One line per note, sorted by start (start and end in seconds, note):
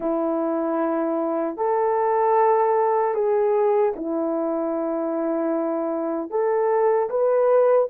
0.00 1.56 E4
1.56 3.14 A4
3.14 3.93 G#4
3.96 6.30 E4
6.30 7.09 A4
7.09 7.88 B4